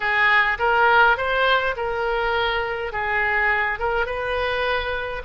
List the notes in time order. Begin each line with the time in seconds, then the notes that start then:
0.00 G#4
0.59 A#4
1.17 C5
1.76 A#4
2.92 G#4
3.79 A#4
4.06 B4